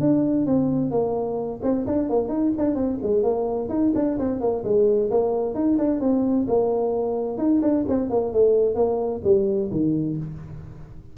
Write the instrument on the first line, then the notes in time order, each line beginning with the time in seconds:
tuba
0.00 D4
0.46 C4
0.91 A#3
1.62 C4
1.86 D4
2.09 A#3
2.28 D#4
2.57 D4
2.75 C4
3.02 G#3
3.23 A#3
3.69 D#4
3.95 D4
4.18 C4
4.40 A#3
4.64 G#3
5.10 A#3
5.54 D#4
5.78 D4
6.00 C4
6.47 A#3
7.37 D#4
7.62 D4
7.88 C4
8.10 A#3
8.33 A3
8.75 A#3
9.24 G3
9.70 D#3